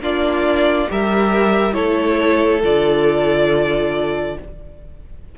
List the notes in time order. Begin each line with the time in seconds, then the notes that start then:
0.00 A#3 D4 F4 D5
0.87 G3 G4 A#4 E5
1.72 A3 E4 A4 C#5
2.62 D3 F4 D5